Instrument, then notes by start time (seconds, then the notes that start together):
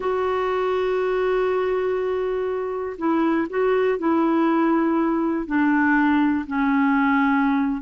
clarinet
0.00 F#4
2.98 E4
3.49 F#4
3.98 E4
5.46 D4
6.46 C#4